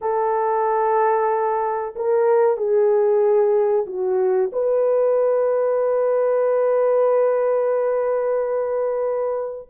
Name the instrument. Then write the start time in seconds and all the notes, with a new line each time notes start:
horn
0.01 A4
1.95 A#4
2.57 G#4
3.86 F#4
4.52 B4